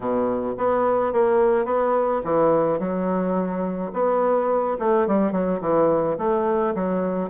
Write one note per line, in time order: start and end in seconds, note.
0.00 0.54 B2
0.57 1.12 B3
1.12 1.65 A#3
1.65 2.21 B3
2.24 2.79 E3
2.79 3.91 F#3
3.93 4.77 B3
4.79 5.07 A3
5.07 5.31 G3
5.31 5.59 F#3
5.60 6.17 E3
6.18 6.74 A3
6.74 7.29 F#3